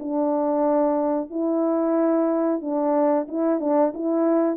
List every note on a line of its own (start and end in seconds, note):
0.00 1.31 D4
1.31 2.61 E4
2.61 3.27 D4
3.29 3.61 E4
3.61 3.94 D4
3.95 4.57 E4